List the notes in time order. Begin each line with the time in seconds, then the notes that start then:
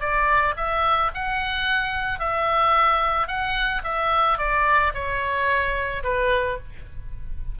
0.00 D5
0.57 E5
1.14 F#5
2.19 E5
3.27 F#5
3.84 E5
4.38 D5
4.94 C#5
6.03 B4